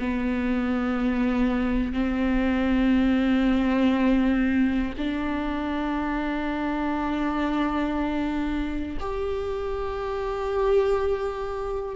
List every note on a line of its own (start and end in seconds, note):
0.00 1.93 B3
1.93 4.93 C4
4.98 8.98 D4
9.00 11.96 G4